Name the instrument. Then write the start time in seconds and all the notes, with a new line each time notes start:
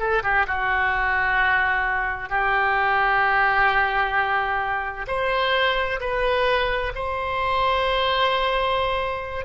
oboe
0.00 A4
0.23 G4
0.47 F#4
2.30 G4
5.08 C5
6.01 B4
6.95 C5